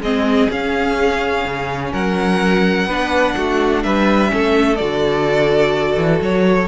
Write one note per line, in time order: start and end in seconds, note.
0.00 0.48 G#3
0.00 0.51 C4
0.00 1.92 G#4
0.00 0.50 D#5
0.51 1.45 C#4
0.51 2.89 C#4
0.51 1.93 F5
1.45 1.92 C#3
1.92 2.87 F#3
1.92 2.87 A#4
1.92 3.83 F#5
2.87 3.34 B3
2.87 4.28 D4
2.87 3.35 B4
3.37 3.84 A3
3.37 3.84 F#4
3.83 4.32 G3
3.83 4.32 B4
3.83 4.76 E5
4.28 4.81 A3
4.28 4.76 C#4
4.28 6.68 A4
4.76 5.96 D3
4.76 6.68 F#4
4.76 6.19 D5
5.96 6.20 E3
6.21 6.68 F#3
6.21 6.68 C#5